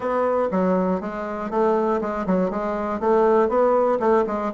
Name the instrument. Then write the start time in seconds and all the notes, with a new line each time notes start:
bassoon
0.00 B3
0.51 F#3
1.00 G#3
1.50 A3
2.01 G#3
2.26 F#3
2.50 G#3
3.00 A3
3.48 B3
3.99 A3
4.26 G#3